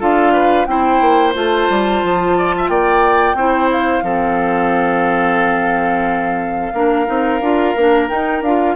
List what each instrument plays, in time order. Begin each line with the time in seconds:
0.00 bassoon D4, clarinet F4, oboe A4, flute F5
0.33 oboe B4
0.66 bassoon C4, clarinet E4, oboe C5, flute G5
1.01 bassoon A#3
1.34 bassoon A3, clarinet F4, flute A5
1.70 bassoon G3
2.04 bassoon F3
2.38 oboe D5
2.58 oboe E5
2.69 bassoon A#3, oboe D5, flute G5
3.34 bassoon C4, clarinet E4, oboe C5
3.71 flute F5
4.03 bassoon F3, clarinet C4, oboe A4
6.73 bassoon A#3, clarinet D4, oboe A#4
7.06 bassoon C4, clarinet D#4
7.41 bassoon D4, clarinet F4
7.76 bassoon A#3, clarinet D4
8.09 clarinet D#4, bassoon D#4, flute G5
8.42 bassoon D4, clarinet F4, flute F5